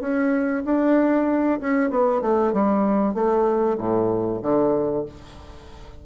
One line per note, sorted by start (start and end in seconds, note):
0.00 0.63 C#4
0.65 1.60 D4
1.60 1.90 C#4
1.90 2.21 B3
2.21 2.53 A3
2.53 3.14 G3
3.14 3.78 A3
3.78 4.41 A2
4.42 5.05 D3